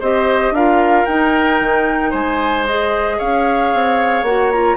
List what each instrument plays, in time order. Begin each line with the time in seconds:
0.00 bassoon C4, clarinet G4, oboe C5, flute D#5
0.51 bassoon D4, clarinet F4, oboe A#4, flute F5
1.06 clarinet D#4, bassoon D#4, flute G5
1.60 bassoon D#3
2.11 bassoon G#3, oboe C5, flute G#5
2.66 clarinet G#4, flute D#5
3.18 bassoon C#4, oboe C#5, flute F5
3.74 bassoon C4
4.23 bassoon A#3, clarinet F#4, flute F#5
4.52 clarinet F4, flute A#5